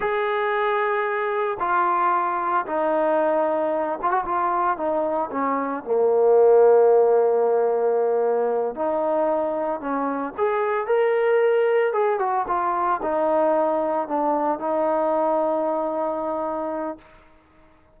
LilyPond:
\new Staff \with { instrumentName = "trombone" } { \time 4/4 \tempo 4 = 113 gis'2. f'4~ | f'4 dis'2~ dis'8 f'16 fis'16 | f'4 dis'4 cis'4 ais4~ | ais1~ |
ais8 dis'2 cis'4 gis'8~ | gis'8 ais'2 gis'8 fis'8 f'8~ | f'8 dis'2 d'4 dis'8~ | dis'1 | }